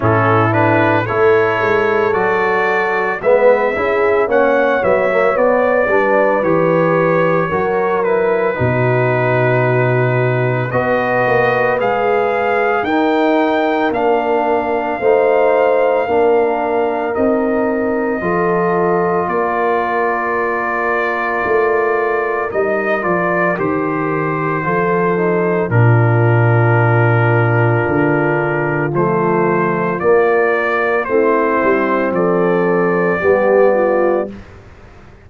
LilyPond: <<
  \new Staff \with { instrumentName = "trumpet" } { \time 4/4 \tempo 4 = 56 a'8 b'8 cis''4 d''4 e''4 | fis''8 e''8 d''4 cis''4. b'8~ | b'2 dis''4 f''4 | g''4 f''2. |
dis''2 d''2~ | d''4 dis''8 d''8 c''2 | ais'2. c''4 | d''4 c''4 d''2 | }
  \new Staff \with { instrumentName = "horn" } { \time 4/4 e'4 a'2 b'8 gis'8 | cis''4. b'4. ais'4 | fis'2 b'2 | ais'2 c''4 ais'4~ |
ais'4 a'4 ais'2~ | ais'2. a'4 | f'1~ | f'4 e'4 a'4 g'8 f'8 | }
  \new Staff \with { instrumentName = "trombone" } { \time 4/4 cis'8 d'8 e'4 fis'4 b8 e'8 | cis'8 b16 ais16 b8 d'8 g'4 fis'8 e'8 | dis'2 fis'4 gis'4 | dis'4 d'4 dis'4 d'4 |
dis'4 f'2.~ | f'4 dis'8 f'8 g'4 f'8 dis'8 | d'2. a4 | ais4 c'2 b4 | }
  \new Staff \with { instrumentName = "tuba" } { \time 4/4 a,4 a8 gis8 fis4 gis8 cis'8 | ais8 fis8 b8 g8 e4 fis4 | b,2 b8 ais8 gis4 | dis'4 ais4 a4 ais4 |
c'4 f4 ais2 | a4 g8 f8 dis4 f4 | ais,2 d4 f4 | ais4 a8 g8 f4 g4 | }
>>